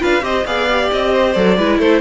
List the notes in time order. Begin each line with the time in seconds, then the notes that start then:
0.00 D4 F4 B4 F5
0.21 C4 G4 C5 D#5
0.46 B3 G#4 D5 F5
0.70 G4
0.92 C4 D#5
1.13 C5
1.33 F#3 A4 D5
1.57 G#3 E4 B4
1.79 A3 A4 C5